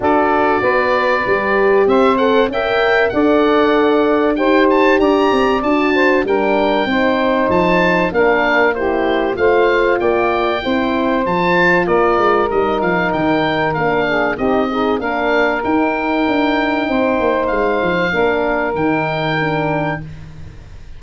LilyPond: <<
  \new Staff \with { instrumentName = "oboe" } { \time 4/4 \tempo 4 = 96 d''2. e''8 fis''8 | g''4 fis''2 g''8 a''8 | ais''4 a''4 g''2 | a''4 f''4 c''4 f''4 |
g''2 a''4 d''4 | dis''8 f''8 g''4 f''4 dis''4 | f''4 g''2. | f''2 g''2 | }
  \new Staff \with { instrumentName = "saxophone" } { \time 4/4 a'4 b'2 c''4 | e''4 d''2 c''4 | d''4. c''8 ais'4 c''4~ | c''4 ais'4 g'4 c''4 |
d''4 c''2 ais'4~ | ais'2~ ais'8 gis'8 g'8 dis'8 | ais'2. c''4~ | c''4 ais'2. | }
  \new Staff \with { instrumentName = "horn" } { \time 4/4 fis'2 g'4. a'8 | ais'4 a'2 g'4~ | g'4 fis'4 d'4 dis'4~ | dis'4 d'4 e'4 f'4~ |
f'4 e'4 f'2 | dis'2 d'4 dis'8 gis'8 | d'4 dis'2.~ | dis'4 d'4 dis'4 d'4 | }
  \new Staff \with { instrumentName = "tuba" } { \time 4/4 d'4 b4 g4 c'4 | cis'4 d'2 dis'4 | d'8 c'8 d'4 g4 c'4 | f4 ais2 a4 |
ais4 c'4 f4 ais8 gis8 | g8 f8 dis4 ais4 c'4 | ais4 dis'4 d'4 c'8 ais8 | gis8 f8 ais4 dis2 | }
>>